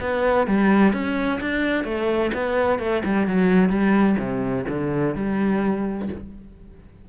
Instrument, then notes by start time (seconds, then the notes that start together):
cello
0.00 B3
0.47 G3
0.93 C#4
1.40 D4
1.84 A3
2.33 B3
2.79 A3
3.04 G3
3.26 F#3
3.69 G3
4.18 C3
4.68 D3
5.15 G3